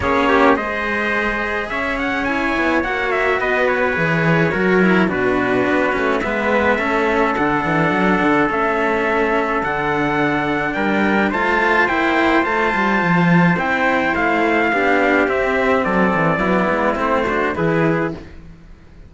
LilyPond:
<<
  \new Staff \with { instrumentName = "trumpet" } { \time 4/4 \tempo 4 = 106 cis''4 dis''2 e''8 fis''8 | gis''4 fis''8 e''8 dis''8 cis''4.~ | cis''4 b'2 e''4~ | e''4 fis''2 e''4~ |
e''4 fis''2 g''4 | a''4 g''4 a''2 | g''4 f''2 e''4 | d''2 c''4 b'4 | }
  \new Staff \with { instrumentName = "trumpet" } { \time 4/4 gis'8 g'8 c''2 cis''4~ | cis''2 b'2 | ais'4 fis'2 b'4 | a'1~ |
a'2. ais'4 | c''1~ | c''2 g'2 | a'4 e'4. fis'8 gis'4 | }
  \new Staff \with { instrumentName = "cello" } { \time 4/4 cis'4 gis'2. | e'4 fis'2 gis'4 | fis'8 e'8 d'4. cis'8 b4 | cis'4 d'2 cis'4~ |
cis'4 d'2. | f'4 e'4 f'2 | e'2 d'4 c'4~ | c'4 b4 c'8 d'8 e'4 | }
  \new Staff \with { instrumentName = "cello" } { \time 4/4 ais4 gis2 cis'4~ | cis'8 b8 ais4 b4 e4 | fis4 b,4 b8 a8 gis4 | a4 d8 e8 fis8 d8 a4~ |
a4 d2 g4 | a4 ais4 a8 g8 f4 | c'4 a4 b4 c'4 | fis8 e8 fis8 gis8 a4 e4 | }
>>